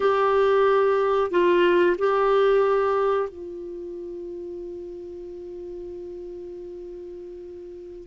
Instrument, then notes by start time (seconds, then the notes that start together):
clarinet
0.00 G4
1.30 F4
1.98 G4
3.29 F4